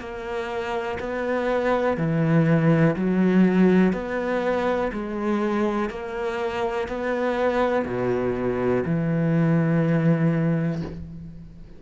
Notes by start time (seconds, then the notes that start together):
0.00 A#3
1.00 B3
1.98 E3
2.96 F#3
3.93 B3
4.93 G#3
5.90 A#3
6.89 B3
7.86 B2
8.86 E3